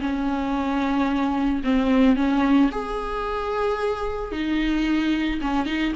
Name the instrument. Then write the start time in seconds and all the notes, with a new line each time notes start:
viola
0.00 C#4
1.64 C4
2.16 C#4
2.71 G#4
4.32 D#4
5.41 C#4
5.66 D#4